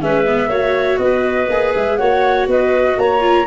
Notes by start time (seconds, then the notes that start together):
0.00 G#3 C#4 B4 E5
0.26 B3
0.48 A#3 F#4 C#5
0.98 B3 B4 D#5
1.49 A#3 G#4
1.75 G#3 E5
1.97 A#3 F#4 C#5 F#5
2.47 B3 B4 D#5
2.97 A#3 C#5 A#5
3.20 F4